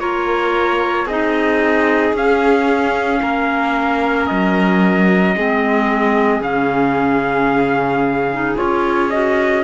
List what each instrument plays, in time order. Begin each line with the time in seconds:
0.00 cello A#3, clarinet F4, violin A#4, trumpet C#5
1.06 cello C4, clarinet D#4, violin G#4, trumpet D#5
2.13 cello C#4, clarinet C#4, trumpet F5
3.22 cello A#3, violin A#4
4.27 cello F#3, trumpet D#5
5.36 cello G#3, clarinet C4, violin G#4
6.41 cello C#3, clarinet C#4, trumpet F5
8.33 clarinet D#4
8.56 cello C#4, clarinet F4, trumpet C#5
9.11 clarinet F#4, trumpet D#5